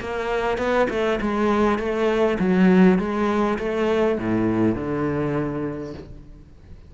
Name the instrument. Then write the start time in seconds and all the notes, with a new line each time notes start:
cello
0.00 A#3
0.58 B3
0.89 A3
1.20 G#3
1.78 A3
2.39 F#3
2.98 G#3
3.58 A3
4.18 A2
4.74 D3